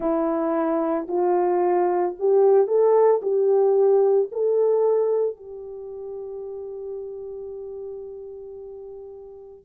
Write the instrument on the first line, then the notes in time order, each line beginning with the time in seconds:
horn
0.00 E4
1.08 F4
2.19 G4
2.67 A4
3.21 G4
4.31 A4
5.36 G4